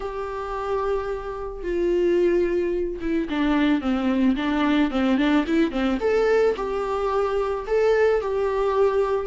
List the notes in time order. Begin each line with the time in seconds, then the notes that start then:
0.00 G4
1.63 F4
3.00 E4
3.29 D4
3.81 C4
4.36 D4
4.90 C4
5.17 D4
5.47 E4
5.71 C4
6.00 A4
6.56 G4
7.66 A4
8.21 G4